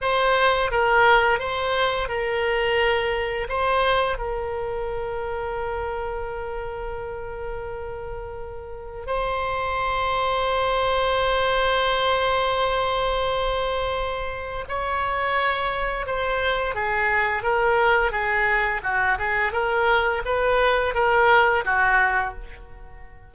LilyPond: \new Staff \with { instrumentName = "oboe" } { \time 4/4 \tempo 4 = 86 c''4 ais'4 c''4 ais'4~ | ais'4 c''4 ais'2~ | ais'1~ | ais'4 c''2.~ |
c''1~ | c''4 cis''2 c''4 | gis'4 ais'4 gis'4 fis'8 gis'8 | ais'4 b'4 ais'4 fis'4 | }